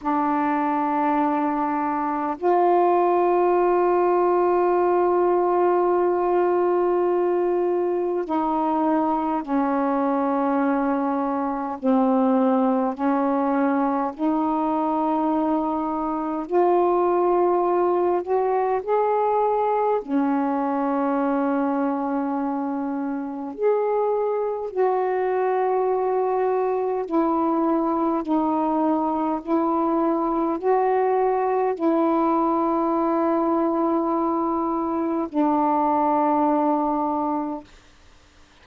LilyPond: \new Staff \with { instrumentName = "saxophone" } { \time 4/4 \tempo 4 = 51 d'2 f'2~ | f'2. dis'4 | cis'2 c'4 cis'4 | dis'2 f'4. fis'8 |
gis'4 cis'2. | gis'4 fis'2 e'4 | dis'4 e'4 fis'4 e'4~ | e'2 d'2 | }